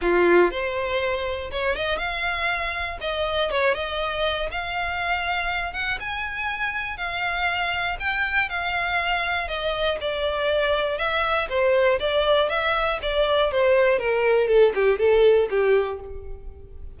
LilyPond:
\new Staff \with { instrumentName = "violin" } { \time 4/4 \tempo 4 = 120 f'4 c''2 cis''8 dis''8 | f''2 dis''4 cis''8 dis''8~ | dis''4 f''2~ f''8 fis''8 | gis''2 f''2 |
g''4 f''2 dis''4 | d''2 e''4 c''4 | d''4 e''4 d''4 c''4 | ais'4 a'8 g'8 a'4 g'4 | }